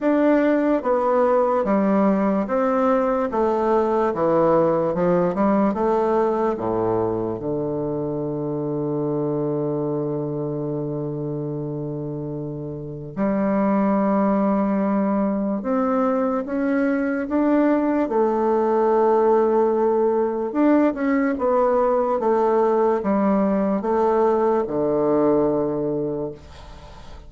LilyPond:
\new Staff \with { instrumentName = "bassoon" } { \time 4/4 \tempo 4 = 73 d'4 b4 g4 c'4 | a4 e4 f8 g8 a4 | a,4 d2.~ | d1 |
g2. c'4 | cis'4 d'4 a2~ | a4 d'8 cis'8 b4 a4 | g4 a4 d2 | }